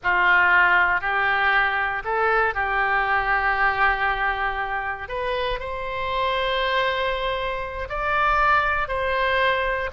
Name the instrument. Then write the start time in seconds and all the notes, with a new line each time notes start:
oboe
0.03 F4
1.01 G4
2.04 A4
2.54 G4
5.08 B4
5.59 C5
7.89 D5
8.88 C5